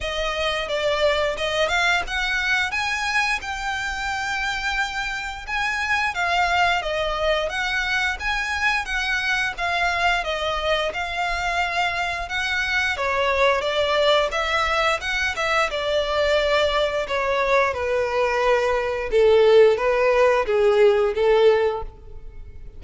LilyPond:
\new Staff \with { instrumentName = "violin" } { \time 4/4 \tempo 4 = 88 dis''4 d''4 dis''8 f''8 fis''4 | gis''4 g''2. | gis''4 f''4 dis''4 fis''4 | gis''4 fis''4 f''4 dis''4 |
f''2 fis''4 cis''4 | d''4 e''4 fis''8 e''8 d''4~ | d''4 cis''4 b'2 | a'4 b'4 gis'4 a'4 | }